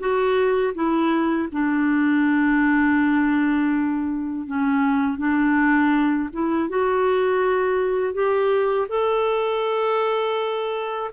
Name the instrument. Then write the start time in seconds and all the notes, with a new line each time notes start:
clarinet
0.00 F#4
0.75 E4
1.53 D4
4.47 C#4
5.19 D4
6.33 E4
6.70 F#4
8.14 G4
8.89 A4